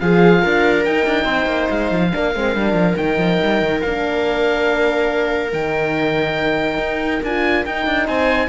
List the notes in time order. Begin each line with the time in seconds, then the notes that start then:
0.00 F3 F4 G#4 F5
0.43 D4 A#4
0.85 D#4 G5
1.06 D4
1.25 C4 C5
1.47 A#3
1.70 G#3 F5
1.92 F3
2.12 A#3 D4 A#4
2.35 G#3 C4
2.55 G3 D4
2.74 F3
2.97 D#3 D#4 G5
3.18 F3
3.43 G3
3.62 D#3
3.82 A#3 D4 F5
5.53 D#3 D#4 G5
6.78 D#4
7.23 D4 F4 G#5
7.66 D#4 G5
7.87 D4
8.07 C4 C5 G#5